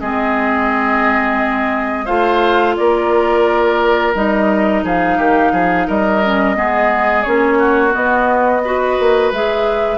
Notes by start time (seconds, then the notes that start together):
0.00 G#3 C4 G#4 D#5
2.05 A3 F4 C5 F5
2.76 A#3 A#4 D5
4.15 G3 D#4 D#5
4.83 F3 G#4 F5
5.18 D#3 G4
5.52 F3 G#4
5.87 G3 A#4 D#5
6.25 C#4
6.55 G#3 B3 G#4
7.23 A#3 C#4 C#5
7.58 F#4
7.91 B3 D#5
8.65 F#4 B4
8.99 A#3
9.31 G#3 G#4 E5